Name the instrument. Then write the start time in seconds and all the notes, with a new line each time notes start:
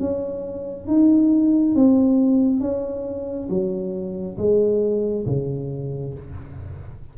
tuba
0.00 C#4
0.87 D#4
1.76 C4
2.61 C#4
3.49 F#3
4.38 G#3
5.26 C#3